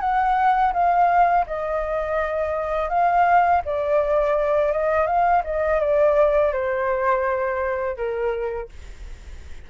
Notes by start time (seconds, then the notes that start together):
0.00 F#5
0.73 F5
1.46 D#5
2.89 F5
3.65 D5
4.72 D#5
5.06 F5
5.44 D#5
5.80 D5
6.52 C5
7.96 A#4